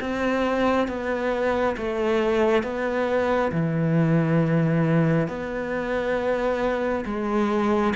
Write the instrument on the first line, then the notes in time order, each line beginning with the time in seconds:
cello
0.00 C4
0.88 B3
1.77 A3
2.63 B3
3.52 E3
5.28 B3
7.05 G#3